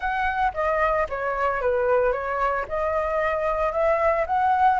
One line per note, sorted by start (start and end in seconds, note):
0.00 0.51 F#5
0.54 1.07 D#5
1.09 1.61 C#5
1.61 2.12 B4
2.12 2.65 C#5
2.68 3.72 D#5
3.72 4.25 E5
4.26 4.79 F#5